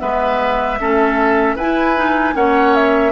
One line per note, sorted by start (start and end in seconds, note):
0.00 0.80 G#3
0.00 0.78 B3
0.00 0.79 B4
0.00 1.57 E5
0.81 1.56 A3
0.81 1.58 C#4
0.81 1.56 A4
1.56 2.34 E4
1.56 1.97 E4
1.56 2.34 B4
1.56 2.36 G#5
1.97 2.35 D#4
2.35 3.13 A#3
2.35 3.13 C#4
2.35 3.13 C#5
2.35 2.75 F#5
2.75 3.13 E5